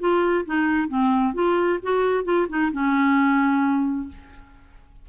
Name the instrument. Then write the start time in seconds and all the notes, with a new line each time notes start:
clarinet
0.00 F4
0.46 D#4
0.89 C4
1.35 F4
1.83 F#4
2.25 F4
2.49 D#4
2.73 C#4